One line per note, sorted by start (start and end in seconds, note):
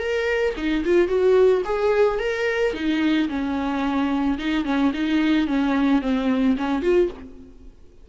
0.00 0.54 A#4
0.57 0.85 D#4
0.85 1.08 F4
1.08 1.63 F#4
1.65 2.20 G#4
2.20 2.74 A#4
2.74 3.29 D#4
3.29 4.38 C#4
4.39 4.65 D#4
4.65 4.92 C#4
4.94 5.48 D#4
5.48 6.02 C#4
6.02 6.57 C4
6.58 6.83 C#4
6.83 7.10 F4